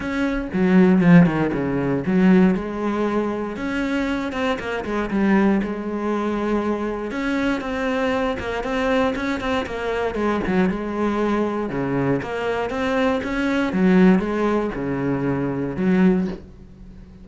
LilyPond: \new Staff \with { instrumentName = "cello" } { \time 4/4 \tempo 4 = 118 cis'4 fis4 f8 dis8 cis4 | fis4 gis2 cis'4~ | cis'8 c'8 ais8 gis8 g4 gis4~ | gis2 cis'4 c'4~ |
c'8 ais8 c'4 cis'8 c'8 ais4 | gis8 fis8 gis2 cis4 | ais4 c'4 cis'4 fis4 | gis4 cis2 fis4 | }